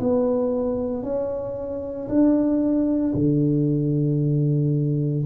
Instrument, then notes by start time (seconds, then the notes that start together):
tuba
0.00 B3
1.03 C#4
2.09 D4
3.14 D3